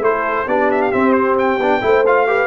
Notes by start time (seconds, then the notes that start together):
0.00 A3 E4 A4 C5
0.47 B3 D4 G4 D5
0.71 E5
0.82 F5
0.92 C4 E5
1.13 C5
1.38 G5
1.59 B3 D4
1.81 A3 E4 C5
2.06 F4 F5
2.27 G4 B4